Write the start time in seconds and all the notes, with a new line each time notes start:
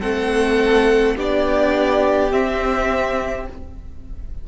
0.00 A3 C4 A4 F#5
1.16 B3 D4 G4 D5
2.31 C4 E5